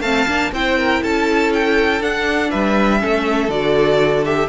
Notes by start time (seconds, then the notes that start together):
0.00 A3 C4 F5 A5
0.26 A#3 D4
0.52 C4 E4 C5 G5
0.77 A#4
1.02 C#4 A4 A5
1.53 G5
2.00 D4 F#5
2.50 G3 B4 E5
2.99 A3 C#4 A4
3.48 D3 F#4 D5
4.24 G4 E5